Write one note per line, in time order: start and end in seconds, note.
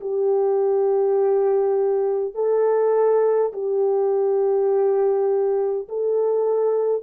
0.00 2.34 G4
2.34 3.52 A4
3.52 5.88 G4
5.88 7.02 A4